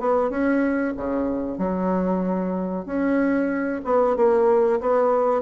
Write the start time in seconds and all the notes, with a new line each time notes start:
0.00 B3
0.30 C#4
0.96 C#3
1.58 F#3
2.85 C#4
3.84 B3
4.16 A#3
4.80 B3